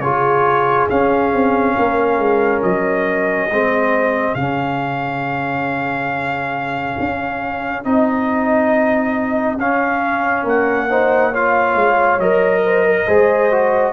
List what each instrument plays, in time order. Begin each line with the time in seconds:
0.00 tuba C#3, trombone F4, horn G#4, trumpet C#5
0.89 trombone C#4, tuba C#4, trumpet F5
1.34 tuba C4
1.79 tuba A#3, horn A#4
2.19 tuba G#3
2.63 tuba F#3, trumpet D#5
3.50 tuba G#3, trombone C4, horn G#4
4.35 tuba C#3, trombone C#4, trumpet F5
6.99 tuba C#4
7.85 tuba C4, trombone D#4, trumpet D#5
9.58 tuba C#4, trombone C#4, trumpet F5
10.43 tuba A#3, horn A#4, trumpet F#5
10.90 trombone D#4, horn C5
11.31 trombone F4, horn C#5, trumpet F5
11.75 tuba G#3
12.19 tuba F#3, trombone A#4, trumpet D#5
12.65 horn C5
12.86 horn A#4
13.07 tuba G#3, trombone G#4, horn C5
13.52 trombone F#4